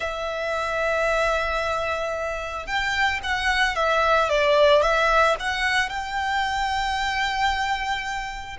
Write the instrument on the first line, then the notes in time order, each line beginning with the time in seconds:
violin
0.00 E5
2.66 G5
3.23 F#5
3.75 E5
4.29 D5
4.81 E5
5.39 F#5
5.89 G5